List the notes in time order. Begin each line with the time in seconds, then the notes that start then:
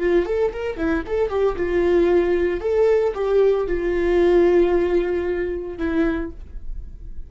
0.00 F4
0.26 A4
0.53 A#4
0.77 E4
1.06 A4
1.29 G4
1.56 F4
2.61 A4
3.15 G4
3.67 F4
5.78 E4